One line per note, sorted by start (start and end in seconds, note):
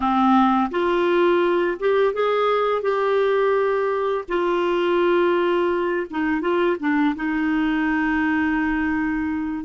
0.00 0.69 C4
0.70 1.77 F4
1.79 2.13 G4
2.13 2.81 G#4
2.81 4.24 G4
4.28 6.06 F4
6.10 6.41 D#4
6.41 6.76 F4
6.79 7.15 D4
7.15 9.65 D#4